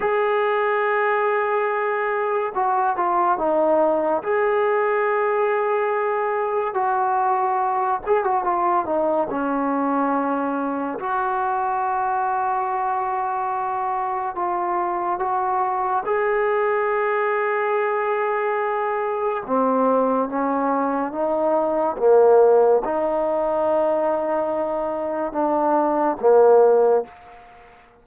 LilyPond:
\new Staff \with { instrumentName = "trombone" } { \time 4/4 \tempo 4 = 71 gis'2. fis'8 f'8 | dis'4 gis'2. | fis'4. gis'16 fis'16 f'8 dis'8 cis'4~ | cis'4 fis'2.~ |
fis'4 f'4 fis'4 gis'4~ | gis'2. c'4 | cis'4 dis'4 ais4 dis'4~ | dis'2 d'4 ais4 | }